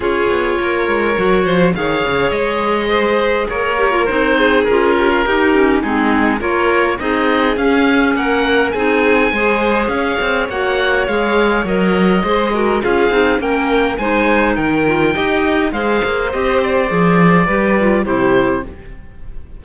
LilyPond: <<
  \new Staff \with { instrumentName = "oboe" } { \time 4/4 \tempo 4 = 103 cis''2. f''4 | dis''2 cis''4 c''4 | ais'2 gis'4 cis''4 | dis''4 f''4 fis''4 gis''4~ |
gis''4 f''4 fis''4 f''4 | dis''2 f''4 g''4 | gis''4 g''2 f''4 | dis''8 d''2~ d''8 c''4 | }
  \new Staff \with { instrumentName = "violin" } { \time 4/4 gis'4 ais'4. c''8 cis''4~ | cis''4 c''4 ais'4. gis'8~ | gis'8 g'16 f'16 g'4 dis'4 ais'4 | gis'2 ais'4 gis'4 |
c''4 cis''2.~ | cis''4 c''8 ais'8 gis'4 ais'4 | c''4 ais'4 dis''4 c''4~ | c''2 b'4 g'4 | }
  \new Staff \with { instrumentName = "clarinet" } { \time 4/4 f'2 fis'4 gis'4~ | gis'2~ gis'8 g'16 f'16 dis'4 | f'4 dis'8 cis'8 c'4 f'4 | dis'4 cis'2 dis'4 |
gis'2 fis'4 gis'4 | ais'4 gis'8 fis'8 f'8 dis'8 cis'4 | dis'4. f'8 g'4 gis'4 | g'4 gis'4 g'8 f'8 e'4 | }
  \new Staff \with { instrumentName = "cello" } { \time 4/4 cis'8 b8 ais8 gis8 fis8 f8 dis8 cis8 | gis2 ais4 c'4 | cis'4 dis'4 gis4 ais4 | c'4 cis'4 ais4 c'4 |
gis4 cis'8 c'8 ais4 gis4 | fis4 gis4 cis'8 c'8 ais4 | gis4 dis4 dis'4 gis8 ais8 | c'4 f4 g4 c4 | }
>>